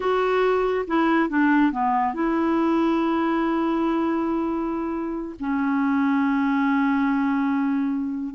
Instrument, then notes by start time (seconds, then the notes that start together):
clarinet
0.00 F#4
0.87 E4
1.29 D4
1.72 B3
2.14 E4
5.39 C#4